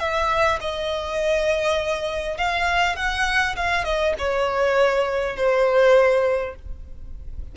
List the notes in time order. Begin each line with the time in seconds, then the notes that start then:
0.00 E5
0.61 D#5
2.38 F5
2.96 F#5
3.56 F5
3.85 D#5
4.19 C#5
5.37 C5